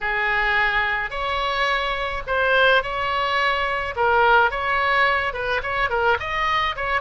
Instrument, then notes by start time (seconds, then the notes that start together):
oboe
0.01 G#4
1.10 C#5
2.26 C5
2.82 C#5
3.96 A#4
4.50 C#5
5.33 B4
5.62 C#5
5.89 A#4
6.19 D#5
6.75 C#5